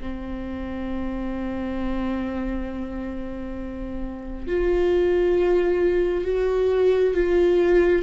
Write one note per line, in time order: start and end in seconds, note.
0.00 4.47 C4
4.47 6.24 F4
6.24 7.14 F#4
7.14 8.02 F4